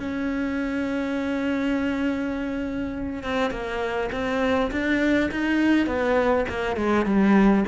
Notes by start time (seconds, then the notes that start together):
0.00 C#4
3.24 C4
3.51 A#3
4.13 C4
4.72 D4
5.32 D#4
5.87 B3
6.49 A#3
6.77 G#3
7.06 G3